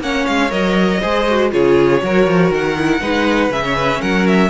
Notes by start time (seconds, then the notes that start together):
0.00 A#3 C#4 C#5 F#5
0.26 G#3 F5
0.50 F#3 A#4 D#5
1.01 G#3 G#4 C5
1.28 F#4
1.51 C#3 F4 G#4 C#5
2.01 F#3 F#4 A#4
2.27 F3
2.50 D#3 F#5
2.78 E4
3.00 G#3 D#4 B4
3.49 C#3 C#4 E5
3.64 C#5
3.75 B4
4.01 F#3 A#4 F#5
4.27 E5